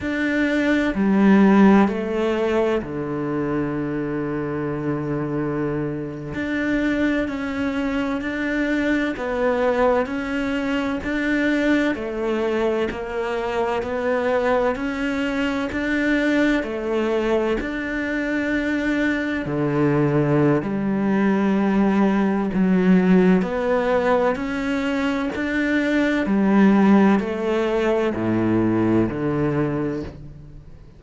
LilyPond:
\new Staff \with { instrumentName = "cello" } { \time 4/4 \tempo 4 = 64 d'4 g4 a4 d4~ | d2~ d8. d'4 cis'16~ | cis'8. d'4 b4 cis'4 d'16~ | d'8. a4 ais4 b4 cis'16~ |
cis'8. d'4 a4 d'4~ d'16~ | d'8. d4~ d16 g2 | fis4 b4 cis'4 d'4 | g4 a4 a,4 d4 | }